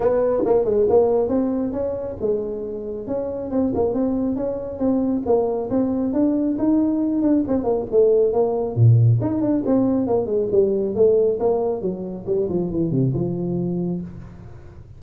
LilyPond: \new Staff \with { instrumentName = "tuba" } { \time 4/4 \tempo 4 = 137 b4 ais8 gis8 ais4 c'4 | cis'4 gis2 cis'4 | c'8 ais8 c'4 cis'4 c'4 | ais4 c'4 d'4 dis'4~ |
dis'8 d'8 c'8 ais8 a4 ais4 | ais,4 dis'8 d'8 c'4 ais8 gis8 | g4 a4 ais4 fis4 | g8 f8 e8 c8 f2 | }